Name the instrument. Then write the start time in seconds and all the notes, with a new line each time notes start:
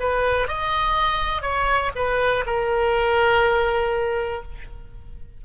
oboe
0.00 B4
0.48 D#5
1.42 C#5
1.96 B4
2.46 A#4